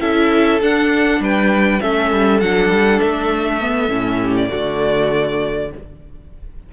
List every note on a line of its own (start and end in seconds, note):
0.00 0.61 C#4
0.00 0.60 E4
0.00 1.21 A4
0.00 0.60 E5
0.61 1.19 D4
0.61 1.80 D4
0.61 1.22 F#5
1.19 1.79 G3
1.19 1.81 B4
1.19 1.80 G5
1.80 2.11 A3
1.80 2.40 C#4
1.80 4.20 A4
1.80 2.40 E5
2.11 2.41 G3
2.40 2.69 F#3
2.40 3.61 D4
2.40 3.00 F#5
2.69 3.00 G3
3.00 3.89 A3
3.00 4.35 E5
3.61 3.89 B3
3.89 4.49 A2
3.89 4.49 C#4
4.20 4.49 G4
4.36 5.71 D5
4.49 5.73 D3
4.49 5.69 A3
4.49 5.69 F#4